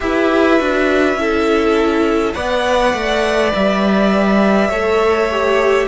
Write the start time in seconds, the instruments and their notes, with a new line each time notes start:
0.00 cello E4, viola G4, violin B4 E5
0.58 cello D4, viola F#4
1.14 cello C#4, viola E4, violin A4
2.33 cello B3, viola B4, violin D5 F#5
2.93 cello A3
3.54 cello G3, violin E5
4.68 cello A3, viola A4, violin C#5
5.31 viola G4